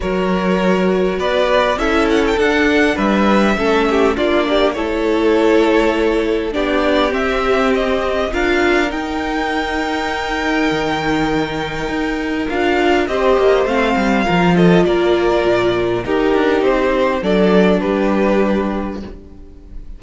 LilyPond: <<
  \new Staff \with { instrumentName = "violin" } { \time 4/4 \tempo 4 = 101 cis''2 d''4 e''8 fis''16 g''16 | fis''4 e''2 d''4 | cis''2. d''4 | e''4 dis''4 f''4 g''4~ |
g''1~ | g''4 f''4 dis''4 f''4~ | f''8 dis''8 d''2 ais'4 | c''4 d''4 b'2 | }
  \new Staff \with { instrumentName = "violin" } { \time 4/4 ais'2 b'4 a'4~ | a'4 b'4 a'8 g'8 f'8 g'8 | a'2. g'4~ | g'2 ais'2~ |
ais'1~ | ais'2 c''2 | ais'8 a'8 ais'2 g'4~ | g'4 a'4 g'2 | }
  \new Staff \with { instrumentName = "viola" } { \time 4/4 fis'2. e'4 | d'2 cis'4 d'4 | e'2. d'4 | c'2 f'4 dis'4~ |
dis'1~ | dis'4 f'4 g'4 c'4 | f'2. dis'4~ | dis'4 d'2. | }
  \new Staff \with { instrumentName = "cello" } { \time 4/4 fis2 b4 cis'4 | d'4 g4 a4 ais4 | a2. b4 | c'2 d'4 dis'4~ |
dis'2 dis2 | dis'4 d'4 c'8 ais8 a8 g8 | f4 ais4 ais,4 dis'8 d'8 | c'4 fis4 g2 | }
>>